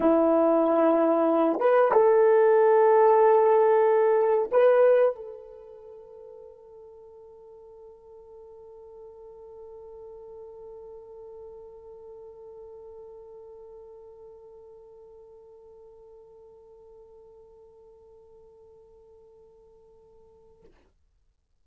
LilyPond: \new Staff \with { instrumentName = "horn" } { \time 4/4 \tempo 4 = 93 e'2~ e'8 b'8 a'4~ | a'2. b'4 | a'1~ | a'1~ |
a'1~ | a'1~ | a'1~ | a'1 | }